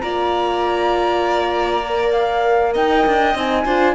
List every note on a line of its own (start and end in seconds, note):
0.00 2.75 A#3
0.00 1.83 F4
0.00 2.73 D5
0.00 2.11 A#5
1.86 3.36 A#4
2.11 2.72 F5
2.73 3.05 D#4
2.73 3.64 D#5
2.73 3.36 G5
3.06 3.34 D4
3.34 3.65 C4
3.34 3.65 D#4
3.34 3.94 G#5
3.64 3.94 D4
3.64 3.94 F4
3.64 3.94 C5